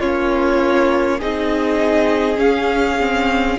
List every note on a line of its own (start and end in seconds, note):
0.00 1.21 A#3
0.00 1.21 C#4
0.00 1.19 F4
0.00 1.20 C#5
1.19 2.39 C4
1.19 2.36 D#4
1.19 3.58 G#4
1.19 2.39 D#5
2.36 2.96 C#4
2.36 3.58 C#4
2.36 3.58 F5
3.00 3.58 C4